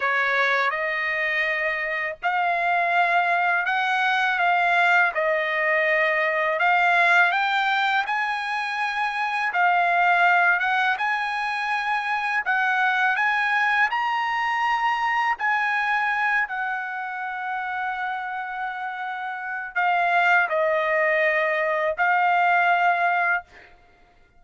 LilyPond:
\new Staff \with { instrumentName = "trumpet" } { \time 4/4 \tempo 4 = 82 cis''4 dis''2 f''4~ | f''4 fis''4 f''4 dis''4~ | dis''4 f''4 g''4 gis''4~ | gis''4 f''4. fis''8 gis''4~ |
gis''4 fis''4 gis''4 ais''4~ | ais''4 gis''4. fis''4.~ | fis''2. f''4 | dis''2 f''2 | }